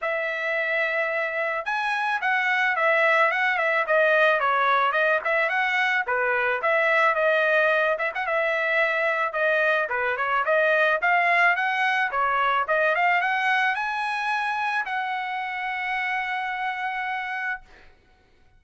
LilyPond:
\new Staff \with { instrumentName = "trumpet" } { \time 4/4 \tempo 4 = 109 e''2. gis''4 | fis''4 e''4 fis''8 e''8 dis''4 | cis''4 dis''8 e''8 fis''4 b'4 | e''4 dis''4. e''16 fis''16 e''4~ |
e''4 dis''4 b'8 cis''8 dis''4 | f''4 fis''4 cis''4 dis''8 f''8 | fis''4 gis''2 fis''4~ | fis''1 | }